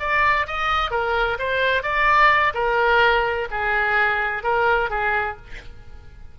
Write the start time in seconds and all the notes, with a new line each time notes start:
0.00 D5
0.47 D#5
0.91 A#4
1.39 C5
1.83 D5
2.54 A#4
3.51 G#4
4.43 A#4
4.90 G#4